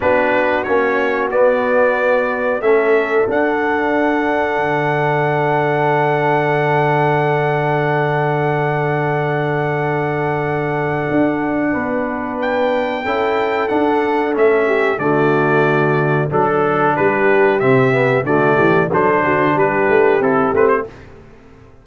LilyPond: <<
  \new Staff \with { instrumentName = "trumpet" } { \time 4/4 \tempo 4 = 92 b'4 cis''4 d''2 | e''4 fis''2.~ | fis''1~ | fis''1~ |
fis''2. g''4~ | g''4 fis''4 e''4 d''4~ | d''4 a'4 b'4 e''4 | d''4 c''4 b'4 a'8 b'16 c''16 | }
  \new Staff \with { instrumentName = "horn" } { \time 4/4 fis'1 | a'1~ | a'1~ | a'1~ |
a'2 b'2 | a'2~ a'8 g'8 fis'4~ | fis'4 a'4 g'2 | fis'8 g'8 a'8 fis'8 g'2 | }
  \new Staff \with { instrumentName = "trombone" } { \time 4/4 d'4 cis'4 b2 | cis'4 d'2.~ | d'1~ | d'1~ |
d'1 | e'4 d'4 cis'4 a4~ | a4 d'2 c'8 b8 | a4 d'2 e'8 c'8 | }
  \new Staff \with { instrumentName = "tuba" } { \time 4/4 b4 ais4 b2 | a4 d'2 d4~ | d1~ | d1~ |
d4 d'4 b2 | cis'4 d'4 a4 d4~ | d4 fis4 g4 c4 | d8 e8 fis8 d8 g8 a8 c'8 a8 | }
>>